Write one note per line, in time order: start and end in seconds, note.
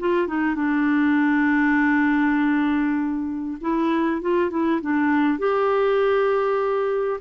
0.00 0.28 F4
0.28 0.55 D#4
0.55 3.58 D4
3.61 4.21 E4
4.21 4.50 F4
4.50 4.81 E4
4.82 5.39 D4
5.39 7.21 G4